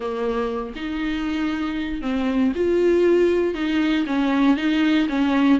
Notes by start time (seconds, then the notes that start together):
0.00 A#3
0.75 D#4
2.01 C4
2.55 F4
3.54 D#4
4.06 C#4
4.56 D#4
5.08 C#4